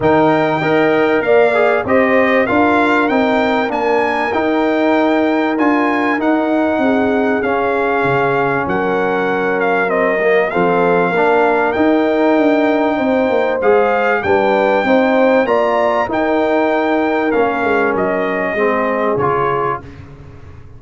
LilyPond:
<<
  \new Staff \with { instrumentName = "trumpet" } { \time 4/4 \tempo 4 = 97 g''2 f''4 dis''4 | f''4 g''4 gis''4 g''4~ | g''4 gis''4 fis''2 | f''2 fis''4. f''8 |
dis''4 f''2 g''4~ | g''2 f''4 g''4~ | g''4 ais''4 g''2 | f''4 dis''2 cis''4 | }
  \new Staff \with { instrumentName = "horn" } { \time 4/4 ais'4 dis''4 d''4 c''4 | ais'1~ | ais'2. gis'4~ | gis'2 ais'2~ |
ais'4 a'4 ais'2~ | ais'4 c''2 b'4 | c''4 d''4 ais'2~ | ais'2 gis'2 | }
  \new Staff \with { instrumentName = "trombone" } { \time 4/4 dis'4 ais'4. gis'8 g'4 | f'4 dis'4 d'4 dis'4~ | dis'4 f'4 dis'2 | cis'1 |
c'8 ais8 c'4 d'4 dis'4~ | dis'2 gis'4 d'4 | dis'4 f'4 dis'2 | cis'2 c'4 f'4 | }
  \new Staff \with { instrumentName = "tuba" } { \time 4/4 dis4 dis'4 ais4 c'4 | d'4 c'4 ais4 dis'4~ | dis'4 d'4 dis'4 c'4 | cis'4 cis4 fis2~ |
fis4 f4 ais4 dis'4 | d'4 c'8 ais8 gis4 g4 | c'4 ais4 dis'2 | ais8 gis8 fis4 gis4 cis4 | }
>>